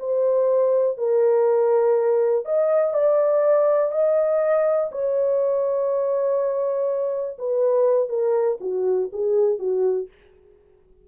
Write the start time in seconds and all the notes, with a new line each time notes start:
0.00 C5
0.98 A#4
2.45 D#5
2.94 D5
3.92 D#5
4.92 C#5
7.39 B4
8.09 A#4
8.61 F#4
9.13 G#4
9.59 F#4